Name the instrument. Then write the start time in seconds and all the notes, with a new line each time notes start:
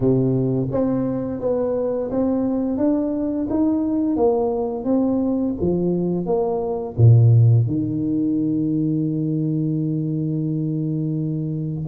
tuba
0.00 C3
0.71 C4
1.40 B3
2.10 C4
2.77 D4
3.49 D#4
4.16 A#3
4.84 C4
5.60 F3
6.25 A#3
6.97 A#2
7.66 D#3